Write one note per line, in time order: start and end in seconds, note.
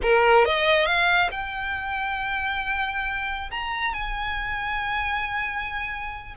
0.02 0.45 A#4
0.45 0.85 D#5
0.85 1.29 F5
1.31 3.50 G5
3.50 3.93 A#5
3.93 6.34 G#5